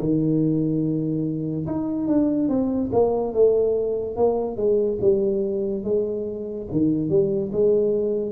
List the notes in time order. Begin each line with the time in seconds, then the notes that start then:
0.00 D#3
1.67 D#4
2.08 D4
2.49 C4
2.92 A#3
3.34 A3
4.16 A#3
4.57 G#3
5.01 G3
5.84 G#3
6.72 D#3
7.10 G3
7.53 G#3